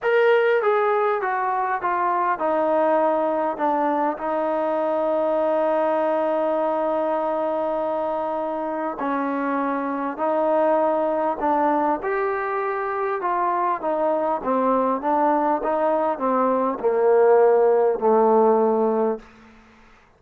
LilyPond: \new Staff \with { instrumentName = "trombone" } { \time 4/4 \tempo 4 = 100 ais'4 gis'4 fis'4 f'4 | dis'2 d'4 dis'4~ | dis'1~ | dis'2. cis'4~ |
cis'4 dis'2 d'4 | g'2 f'4 dis'4 | c'4 d'4 dis'4 c'4 | ais2 a2 | }